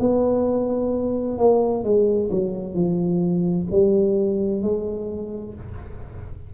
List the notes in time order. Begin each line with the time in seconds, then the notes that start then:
0.00 B3
1.38 A#3
1.84 G#3
2.31 F#3
2.74 F3
3.71 G3
4.62 G#3